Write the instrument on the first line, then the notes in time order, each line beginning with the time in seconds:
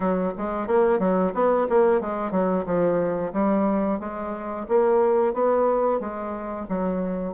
bassoon
0.00 F#3
0.37 G#3
0.67 A#3
0.99 F#3
1.34 B3
1.69 A#3
2.01 G#3
2.31 F#3
2.65 F3
3.32 G3
3.99 G#3
4.68 A#3
5.33 B3
5.99 G#3
6.68 F#3